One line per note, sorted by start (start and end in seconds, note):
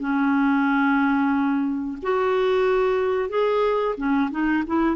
0.00 1.98 C#4
2.03 3.29 F#4
3.29 3.95 G#4
3.97 4.30 C#4
4.31 4.64 D#4
4.67 4.96 E4